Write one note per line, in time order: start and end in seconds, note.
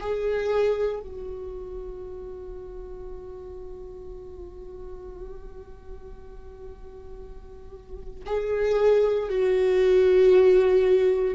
0.00 1.00 G#4
1.00 8.24 F#4
8.26 9.29 G#4
9.29 11.35 F#4